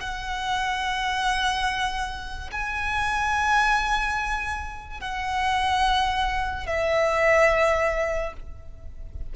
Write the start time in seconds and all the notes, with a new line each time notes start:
0.00 F#5
2.52 G#5
5.00 F#5
6.66 E5